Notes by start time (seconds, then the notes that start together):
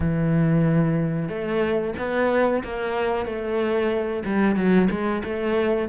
0.00 E3
1.28 A3
1.98 B3
2.64 A#3
3.25 A3
4.25 G3
4.55 F#3
4.90 G#3
5.24 A3